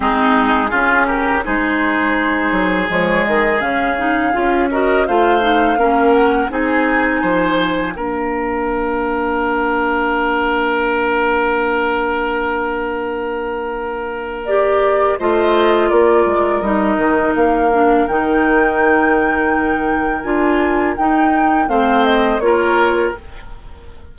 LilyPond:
<<
  \new Staff \with { instrumentName = "flute" } { \time 4/4 \tempo 4 = 83 gis'4. ais'8 c''2 | cis''8 dis''8 f''4. dis''8 f''4~ | f''8 fis''8 gis''2 f''4~ | f''1~ |
f''1 | d''4 dis''4 d''4 dis''4 | f''4 g''2. | gis''4 g''4 f''8 dis''8 cis''4 | }
  \new Staff \with { instrumentName = "oboe" } { \time 4/4 dis'4 f'8 g'8 gis'2~ | gis'2~ gis'8 ais'8 c''4 | ais'4 gis'4 c''4 ais'4~ | ais'1~ |
ais'1~ | ais'4 c''4 ais'2~ | ais'1~ | ais'2 c''4 ais'4 | }
  \new Staff \with { instrumentName = "clarinet" } { \time 4/4 c'4 cis'4 dis'2 | gis4 cis'8 dis'8 f'8 fis'8 f'8 dis'8 | cis'4 dis'2 d'4~ | d'1~ |
d'1 | g'4 f'2 dis'4~ | dis'8 d'8 dis'2. | f'4 dis'4 c'4 f'4 | }
  \new Staff \with { instrumentName = "bassoon" } { \time 4/4 gis4 cis4 gis4. fis8 | f8 dis8 cis4 cis'4 a4 | ais4 c'4 f4 ais4~ | ais1~ |
ais1~ | ais4 a4 ais8 gis8 g8 dis8 | ais4 dis2. | d'4 dis'4 a4 ais4 | }
>>